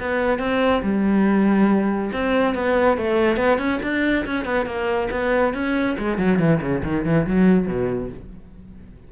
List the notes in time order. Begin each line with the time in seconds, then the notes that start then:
0.00 B3
0.39 C4
0.83 G3
2.13 C4
2.55 B3
2.97 A3
3.37 B3
3.58 C#4
3.83 D4
4.26 C#4
4.45 B3
4.66 A#3
5.11 B3
5.54 C#4
5.98 G#3
6.18 F#3
6.39 E3
6.61 C#3
6.84 D#3
7.05 E3
7.27 F#3
7.67 B2